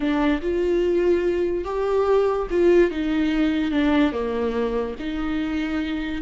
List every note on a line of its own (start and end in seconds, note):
0.00 0.41 D4
0.41 1.64 F4
1.64 2.47 G4
2.50 2.90 F4
2.90 3.71 D#4
3.71 4.12 D4
4.12 4.95 A#3
4.99 6.21 D#4